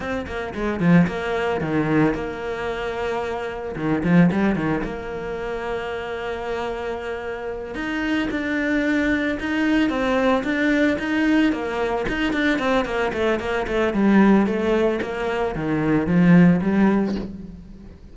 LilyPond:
\new Staff \with { instrumentName = "cello" } { \time 4/4 \tempo 4 = 112 c'8 ais8 gis8 f8 ais4 dis4 | ais2. dis8 f8 | g8 dis8 ais2.~ | ais2~ ais8 dis'4 d'8~ |
d'4. dis'4 c'4 d'8~ | d'8 dis'4 ais4 dis'8 d'8 c'8 | ais8 a8 ais8 a8 g4 a4 | ais4 dis4 f4 g4 | }